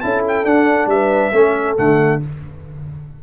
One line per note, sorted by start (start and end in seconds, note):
0.00 0.44 C#4
0.00 0.45 E4
0.00 0.91 A4
0.00 0.22 A5
0.28 0.45 G5
0.44 0.86 D4
0.44 1.32 D4
0.44 0.89 F#5
0.86 1.30 G3
0.86 1.35 B4
0.86 1.77 E5
1.32 1.76 A3
1.32 1.76 C#4
1.32 2.23 A4
1.76 2.22 D3
1.76 2.20 A3
1.76 2.22 F#5